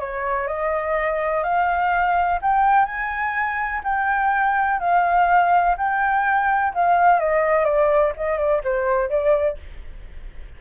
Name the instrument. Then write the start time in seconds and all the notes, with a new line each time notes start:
flute
0.00 C#5
0.47 D#5
1.44 F5
2.42 G5
2.86 G#5
3.84 G5
4.80 F5
5.78 G5
6.74 F5
7.19 D#5
7.65 D5
8.17 D#5
8.38 D5
8.64 C5
9.10 D5